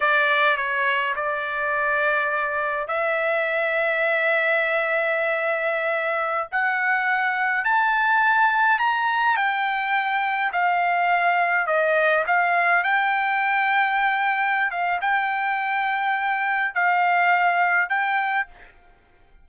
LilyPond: \new Staff \with { instrumentName = "trumpet" } { \time 4/4 \tempo 4 = 104 d''4 cis''4 d''2~ | d''4 e''2.~ | e''2.~ e''16 fis''8.~ | fis''4~ fis''16 a''2 ais''8.~ |
ais''16 g''2 f''4.~ f''16~ | f''16 dis''4 f''4 g''4.~ g''16~ | g''4. f''8 g''2~ | g''4 f''2 g''4 | }